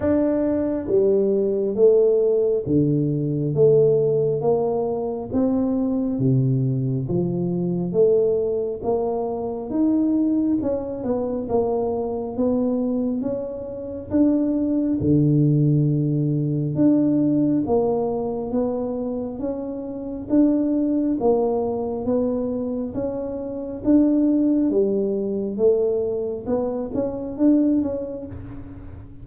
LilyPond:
\new Staff \with { instrumentName = "tuba" } { \time 4/4 \tempo 4 = 68 d'4 g4 a4 d4 | a4 ais4 c'4 c4 | f4 a4 ais4 dis'4 | cis'8 b8 ais4 b4 cis'4 |
d'4 d2 d'4 | ais4 b4 cis'4 d'4 | ais4 b4 cis'4 d'4 | g4 a4 b8 cis'8 d'8 cis'8 | }